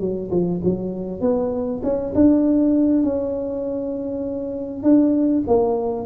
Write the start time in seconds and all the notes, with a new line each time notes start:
0.00 F#3
0.31 F3
0.64 F#3
1.21 B3
1.83 C#4
2.15 D4
3.03 C#4
4.83 D4
5.47 A#3